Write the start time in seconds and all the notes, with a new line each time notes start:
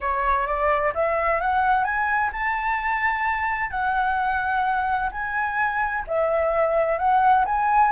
0.01 C#5
0.47 D5
0.94 E5
1.41 F#5
1.84 G#5
2.32 A5
3.70 F#5
5.11 G#5
6.07 E5
6.98 F#5
7.45 G#5